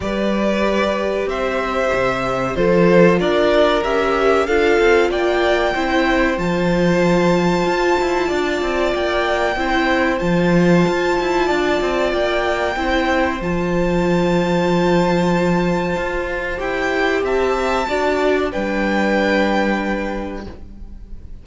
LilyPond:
<<
  \new Staff \with { instrumentName = "violin" } { \time 4/4 \tempo 4 = 94 d''2 e''2 | c''4 d''4 e''4 f''4 | g''2 a''2~ | a''2 g''2 |
a''2. g''4~ | g''4 a''2.~ | a''2 g''4 a''4~ | a''4 g''2. | }
  \new Staff \with { instrumentName = "violin" } { \time 4/4 b'2 c''2 | a'4 ais'2 a'4 | d''4 c''2.~ | c''4 d''2 c''4~ |
c''2 d''2 | c''1~ | c''2. e''4 | d''4 b'2. | }
  \new Staff \with { instrumentName = "viola" } { \time 4/4 g'1 | f'2 g'4 f'4~ | f'4 e'4 f'2~ | f'2. e'4 |
f'1 | e'4 f'2.~ | f'2 g'2 | fis'4 d'2. | }
  \new Staff \with { instrumentName = "cello" } { \time 4/4 g2 c'4 c4 | f4 d'4 cis'4 d'8 c'8 | ais4 c'4 f2 | f'8 e'8 d'8 c'8 ais4 c'4 |
f4 f'8 e'8 d'8 c'8 ais4 | c'4 f2.~ | f4 f'4 e'4 c'4 | d'4 g2. | }
>>